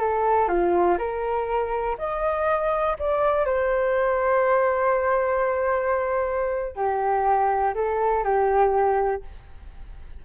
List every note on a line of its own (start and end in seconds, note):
0.00 0.49 A4
0.49 0.98 F4
0.99 1.97 A#4
1.99 2.97 D#5
3.00 3.46 D5
3.46 6.76 C5
6.76 7.75 G4
7.75 8.24 A4
8.24 9.23 G4